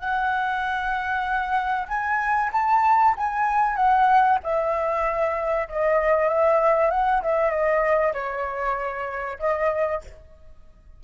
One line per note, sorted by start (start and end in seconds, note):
0.00 1.88 F#5
1.88 2.51 G#5
2.53 3.15 A5
3.17 3.76 G#5
3.76 4.39 F#5
4.43 5.68 E5
5.68 6.29 D#5
6.29 6.91 E5
6.91 7.22 F#5
7.23 7.51 E5
7.51 8.13 D#5
8.13 9.38 C#5
9.39 10.02 D#5